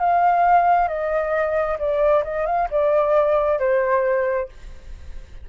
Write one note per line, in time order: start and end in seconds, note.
0.00 0.88 F5
0.88 1.77 D#5
1.79 2.23 D5
2.24 2.46 D#5
2.46 2.68 F5
2.71 3.59 D5
3.59 4.49 C5